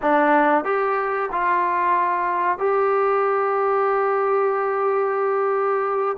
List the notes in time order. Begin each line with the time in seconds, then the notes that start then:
0.01 D4
0.64 G4
1.32 F4
2.58 G4